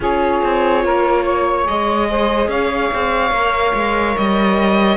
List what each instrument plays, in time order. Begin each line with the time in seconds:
0.00 cello C#4, viola F4, saxophone G#4, violin C#5
0.43 cello C4
0.84 cello A#3, saxophone A#4
1.24 saxophone C#5
1.64 cello G#3, viola G#4, violin D#5
2.10 saxophone C5
2.47 cello C#4, saxophone C#5, violin F5
2.93 cello C4
3.31 cello A#3, viola A#4
3.74 cello G#3
4.17 cello G3, violin D#5